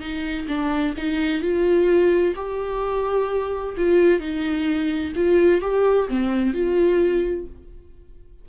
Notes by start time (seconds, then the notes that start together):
0.00 D#4
0.48 D4
0.97 D#4
1.41 F4
2.36 G4
3.77 F4
4.20 D#4
5.16 F4
5.61 G4
6.08 C4
6.53 F4